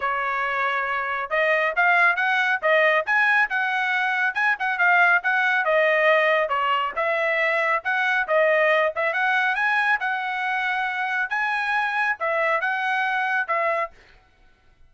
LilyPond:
\new Staff \with { instrumentName = "trumpet" } { \time 4/4 \tempo 4 = 138 cis''2. dis''4 | f''4 fis''4 dis''4 gis''4 | fis''2 gis''8 fis''8 f''4 | fis''4 dis''2 cis''4 |
e''2 fis''4 dis''4~ | dis''8 e''8 fis''4 gis''4 fis''4~ | fis''2 gis''2 | e''4 fis''2 e''4 | }